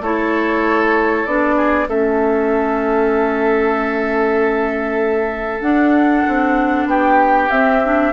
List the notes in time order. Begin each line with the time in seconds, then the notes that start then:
0.00 A3 E4 A4 C#5
1.25 B3 D4 D5
1.57 G#4
1.87 A3 C#4 A4 E5
5.61 D4 F#5
6.28 C4
6.86 B3 G4 G5
7.50 C4 E5
7.84 D4